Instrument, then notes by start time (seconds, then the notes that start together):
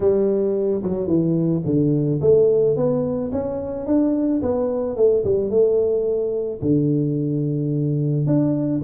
tuba
0.00 G3
0.83 F#3
1.07 E3
1.65 D3
2.21 A3
2.76 B3
3.32 C#4
3.86 D4
4.42 B3
4.96 A3
5.24 G3
5.49 A3
6.61 D3
8.26 D4